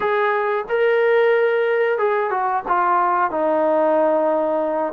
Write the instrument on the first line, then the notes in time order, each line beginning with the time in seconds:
trombone
0.00 G#4
0.69 A#4
1.98 G#4
2.30 F#4
2.68 F4
3.30 D#4